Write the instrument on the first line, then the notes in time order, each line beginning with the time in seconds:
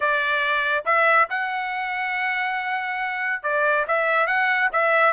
trumpet
0.00 D5
0.85 E5
1.29 F#5
3.42 D5
3.87 E5
4.26 F#5
4.72 E5